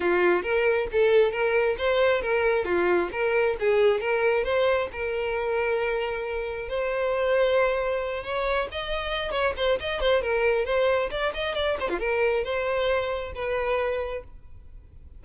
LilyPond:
\new Staff \with { instrumentName = "violin" } { \time 4/4 \tempo 4 = 135 f'4 ais'4 a'4 ais'4 | c''4 ais'4 f'4 ais'4 | gis'4 ais'4 c''4 ais'4~ | ais'2. c''4~ |
c''2~ c''8 cis''4 dis''8~ | dis''4 cis''8 c''8 dis''8 c''8 ais'4 | c''4 d''8 dis''8 d''8 c''16 f'16 ais'4 | c''2 b'2 | }